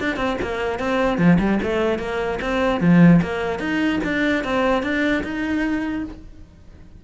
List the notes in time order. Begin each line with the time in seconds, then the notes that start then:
0.00 D4
0.16 C4
0.41 A#3
0.79 C4
1.18 F3
1.39 G3
1.63 A3
1.99 A#3
2.42 C4
2.81 F3
3.22 A#3
3.59 D#4
4.04 D4
4.44 C4
4.83 D4
5.23 D#4